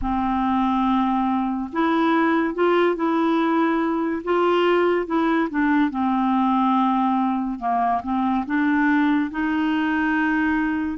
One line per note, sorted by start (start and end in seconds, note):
0.01 1.70 C4
1.72 2.54 E4
2.54 2.95 F4
2.95 4.22 E4
4.24 5.06 F4
5.06 5.48 E4
5.50 5.90 D4
5.90 7.59 C4
7.59 8.01 A#3
8.03 8.45 C4
8.45 9.30 D4
9.30 10.97 D#4